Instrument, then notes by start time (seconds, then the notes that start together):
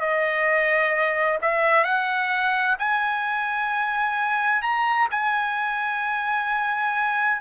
trumpet
0.00 D#5
1.41 E5
1.84 F#5
2.79 G#5
4.62 A#5
5.11 G#5